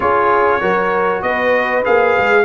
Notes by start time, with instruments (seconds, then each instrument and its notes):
0.00 tuba C#4, trombone F4, horn G#4, trumpet C#5
0.61 tuba F#3, trombone F#4, horn A#4
1.22 tuba B3, horn B4, trumpet D#5
1.84 tuba A#3, trombone G#4, trumpet F5
2.18 tuba G#3